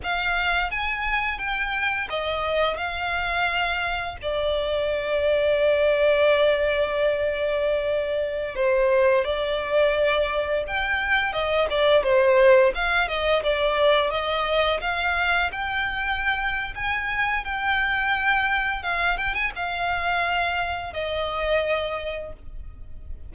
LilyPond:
\new Staff \with { instrumentName = "violin" } { \time 4/4 \tempo 4 = 86 f''4 gis''4 g''4 dis''4 | f''2 d''2~ | d''1~ | d''16 c''4 d''2 g''8.~ |
g''16 dis''8 d''8 c''4 f''8 dis''8 d''8.~ | d''16 dis''4 f''4 g''4.~ g''16 | gis''4 g''2 f''8 g''16 gis''16 | f''2 dis''2 | }